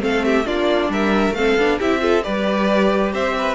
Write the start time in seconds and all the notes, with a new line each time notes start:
0.00 A3 C4 A4 F5
0.25 G4 E5
0.45 A#3 D4 F4 D5
0.89 G3 A#4 E5
1.31 A3 C4 A4 F5
1.57 B3 D4
1.79 C4 E4 G4 E5
2.00 F4 A4
2.23 G3 G4 B4 D5
3.13 C4 C5 E5
3.38 B4